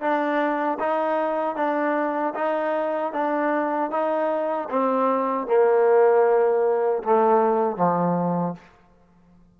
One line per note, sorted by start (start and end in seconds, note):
0.00 0.78 D4
0.79 1.55 D#4
1.55 2.33 D4
2.34 3.12 D#4
3.12 3.90 D4
3.90 4.68 D#4
4.70 5.47 C4
5.47 7.03 A#3
7.03 7.76 A3
7.76 8.54 F3